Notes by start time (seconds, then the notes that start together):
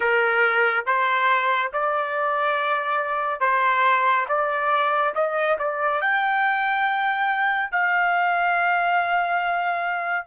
0.00 A#4
0.86 C5
1.72 D5
3.40 C5
4.28 D5
5.14 D#5
5.58 D5
6.01 G5
7.71 F5